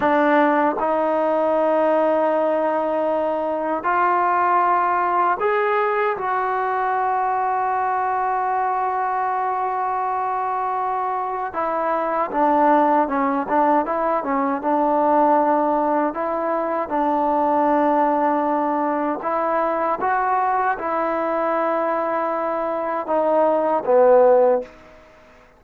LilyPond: \new Staff \with { instrumentName = "trombone" } { \time 4/4 \tempo 4 = 78 d'4 dis'2.~ | dis'4 f'2 gis'4 | fis'1~ | fis'2. e'4 |
d'4 cis'8 d'8 e'8 cis'8 d'4~ | d'4 e'4 d'2~ | d'4 e'4 fis'4 e'4~ | e'2 dis'4 b4 | }